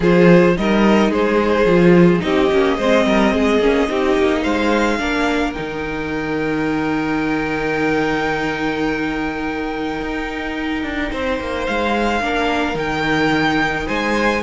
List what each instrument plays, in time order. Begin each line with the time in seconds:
0.00 cello F3, viola F4, violin G#4 C5
0.57 cello G3, viola D#4, violin A#4 D#5
1.09 cello G#3, violin G#4 C5
1.64 cello F3, viola F4
2.19 cello C4, viola D#4, violin G4 D#5
2.51 cello A#3, viola C#4
2.77 cello G#3, viola C4, violin C5
3.05 cello G3, violin A#4
3.33 cello G#3, violin G#4
3.59 cello A#3, viola C#4
3.88 cello C4, viola D#4, violin G4
4.17 cello A#3
4.42 cello G#3, violin C5 F5
4.98 cello A#3, viola D4, violin A#4
5.53 cello D#3, viola D#4, violin G5
10.00 cello D#4
10.83 cello D4
11.11 cello C4, violin C5
11.39 cello A#3
11.66 cello G#3, violin F5
12.20 cello A#3, viola D4, violin A#4
12.74 cello D#3, viola D#4, violin G5
13.86 cello G#3, violin C5 G#5